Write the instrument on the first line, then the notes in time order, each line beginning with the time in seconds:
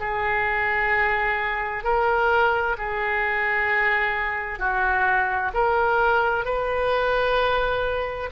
oboe
0.00 G#4
1.84 A#4
2.78 G#4
4.59 F#4
5.54 A#4
6.45 B4